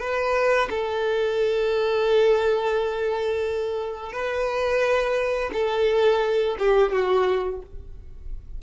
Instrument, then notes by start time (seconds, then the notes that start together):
violin
0.00 B4
0.70 A4
4.13 B4
5.53 A4
6.59 G4
6.92 F#4